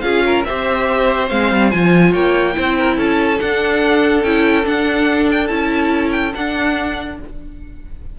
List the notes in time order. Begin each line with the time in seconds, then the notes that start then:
0.00 C#4 F4 G#4 F5
0.25 A#4
0.44 C4 G4 C5 E5
1.28 G#3 C4 F5
1.51 G3
1.70 F3 F4 G#5
2.11 A#3 C#5 G5
2.52 C4 E4 C5
2.77 A#4
2.96 C#4 A4 A5
3.40 D4 F#5
4.23 C#4 E4 G5
4.62 D4 F#5
5.31 G5
5.47 C#4 E4 A5
6.11 G5
6.34 D4 F#5